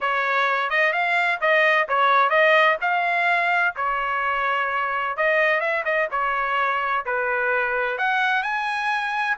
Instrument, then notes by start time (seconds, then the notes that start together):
trumpet
0.00 C#5
0.69 D#5
0.92 F5
1.40 D#5
1.88 C#5
2.29 D#5
2.81 F5
3.76 C#5
5.16 D#5
5.60 E5
5.84 D#5
6.11 C#5
7.05 B4
7.98 F#5
8.43 G#5